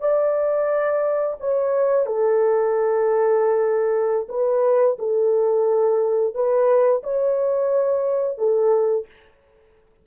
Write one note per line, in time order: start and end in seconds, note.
0.00 1.36 D5
1.40 2.06 C#5
2.06 4.27 A4
4.29 4.97 B4
4.99 6.34 A4
6.34 7.03 B4
7.04 8.38 C#5
8.38 9.06 A4